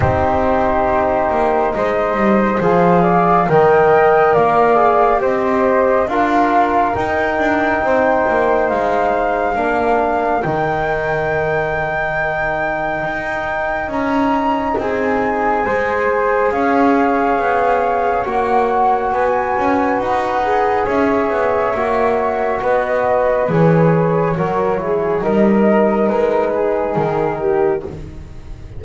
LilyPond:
<<
  \new Staff \with { instrumentName = "flute" } { \time 4/4 \tempo 4 = 69 c''2 dis''4 f''4 | g''4 f''4 dis''4 f''4 | g''2 f''2 | g''1 |
ais''4 gis''2 f''4~ | f''4 fis''4 gis''4 fis''4 | e''2 dis''4 cis''4~ | cis''4 dis''4 b'4 ais'4 | }
  \new Staff \with { instrumentName = "flute" } { \time 4/4 g'2 c''4. d''8 | dis''4 d''4 c''4 ais'4~ | ais'4 c''2 ais'4~ | ais'1~ |
ais'4 gis'4 c''4 cis''4~ | cis''2 b'2 | cis''2 b'2 | ais'8 gis'8 ais'4. gis'4 g'8 | }
  \new Staff \with { instrumentName = "trombone" } { \time 4/4 dis'2. gis'4 | ais'4. gis'8 g'4 f'4 | dis'2. d'4 | dis'1~ |
dis'2 gis'2~ | gis'4 fis'2~ fis'8 gis'8~ | gis'4 fis'2 gis'4 | fis'8 e'8 dis'2. | }
  \new Staff \with { instrumentName = "double bass" } { \time 4/4 c'4. ais8 gis8 g8 f4 | dis4 ais4 c'4 d'4 | dis'8 d'8 c'8 ais8 gis4 ais4 | dis2. dis'4 |
cis'4 c'4 gis4 cis'4 | b4 ais4 b8 cis'8 dis'4 | cis'8 b8 ais4 b4 e4 | fis4 g4 gis4 dis4 | }
>>